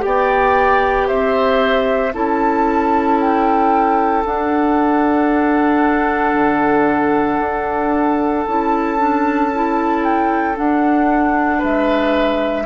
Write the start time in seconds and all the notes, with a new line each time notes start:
0.00 B3 G4 D5 G5
1.07 C4 C5 E5
2.13 C#4 E4 A4 A5
3.20 G5
4.25 D4 F#5
6.34 D3
7.39 D4
8.46 C#4 E4 A5
8.98 D4
9.54 E4
10.04 G5
10.55 D4 F#5
11.58 G#3 B4 E5